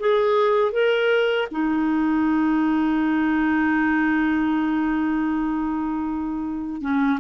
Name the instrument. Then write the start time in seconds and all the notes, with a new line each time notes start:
clarinet
0.00 G#4
0.72 A#4
1.51 D#4
6.81 C#4